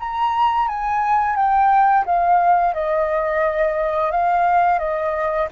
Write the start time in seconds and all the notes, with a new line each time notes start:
0.00 A#5
0.68 G#5
1.36 G5
2.06 F5
2.74 D#5
4.12 F5
4.79 D#5